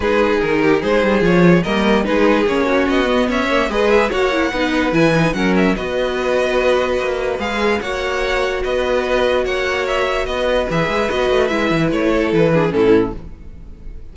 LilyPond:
<<
  \new Staff \with { instrumentName = "violin" } { \time 4/4 \tempo 4 = 146 b'4 ais'4 c''4 cis''4 | dis''4 b'4 cis''4 dis''4 | e''4 dis''8 e''8 fis''2 | gis''4 fis''8 e''8 dis''2~ |
dis''2 f''4 fis''4~ | fis''4 dis''2 fis''4 | e''4 dis''4 e''4 dis''4 | e''4 cis''4 b'4 a'4 | }
  \new Staff \with { instrumentName = "violin" } { \time 4/4 gis'4. g'8 gis'2 | ais'4 gis'4. fis'4. | cis''4 b'4 cis''4 b'4~ | b'4 ais'4 b'2~ |
b'2. cis''4~ | cis''4 b'2 cis''4~ | cis''4 b'2.~ | b'4. a'4 gis'8 e'4 | }
  \new Staff \with { instrumentName = "viola" } { \time 4/4 dis'2. f'4 | ais4 dis'4 cis'4. b8~ | b8 ais8 gis'4 fis'8 e'8 dis'4 | e'8 dis'8 cis'4 fis'2~ |
fis'2 gis'4 fis'4~ | fis'1~ | fis'2 gis'4 fis'4 | e'2~ e'8 d'8 cis'4 | }
  \new Staff \with { instrumentName = "cello" } { \time 4/4 gis4 dis4 gis8 g8 f4 | g4 gis4 ais4 b4 | cis'4 gis4 ais4 b4 | e4 fis4 b2~ |
b4 ais4 gis4 ais4~ | ais4 b2 ais4~ | ais4 b4 e8 gis8 b8 a8 | gis8 e8 a4 e4 a,4 | }
>>